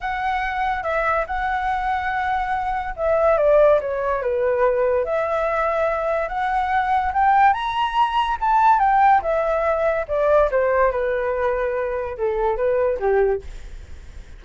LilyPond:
\new Staff \with { instrumentName = "flute" } { \time 4/4 \tempo 4 = 143 fis''2 e''4 fis''4~ | fis''2. e''4 | d''4 cis''4 b'2 | e''2. fis''4~ |
fis''4 g''4 ais''2 | a''4 g''4 e''2 | d''4 c''4 b'2~ | b'4 a'4 b'4 g'4 | }